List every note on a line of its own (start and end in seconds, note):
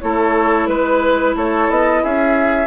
0.00 0.68 A3
0.00 2.68 E4
0.00 0.69 A4
0.00 0.67 C#5
0.67 1.35 G#3
0.67 1.35 B4
0.67 1.36 B4
1.36 1.70 A3
1.36 2.04 A4
1.36 1.71 C#5
1.70 2.04 B3
1.70 2.04 D#5
2.04 2.68 C#4
2.04 2.68 G#4
2.04 2.68 E5